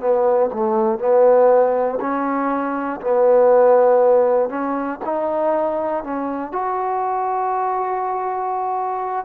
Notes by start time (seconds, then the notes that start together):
0.00 B3
0.53 A3
0.99 B3
2.00 C#4
3.01 B3
4.49 C#4
5.05 D#4
6.04 C#4
6.52 F#4